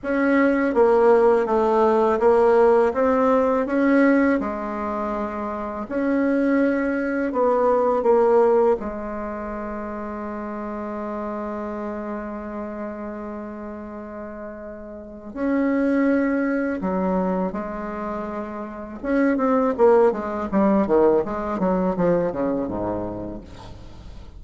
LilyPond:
\new Staff \with { instrumentName = "bassoon" } { \time 4/4 \tempo 4 = 82 cis'4 ais4 a4 ais4 | c'4 cis'4 gis2 | cis'2 b4 ais4 | gis1~ |
gis1~ | gis4 cis'2 fis4 | gis2 cis'8 c'8 ais8 gis8 | g8 dis8 gis8 fis8 f8 cis8 gis,4 | }